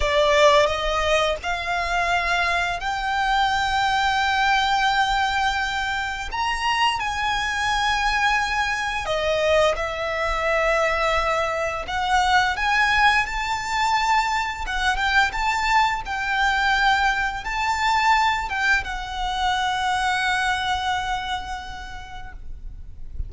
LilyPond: \new Staff \with { instrumentName = "violin" } { \time 4/4 \tempo 4 = 86 d''4 dis''4 f''2 | g''1~ | g''4 ais''4 gis''2~ | gis''4 dis''4 e''2~ |
e''4 fis''4 gis''4 a''4~ | a''4 fis''8 g''8 a''4 g''4~ | g''4 a''4. g''8 fis''4~ | fis''1 | }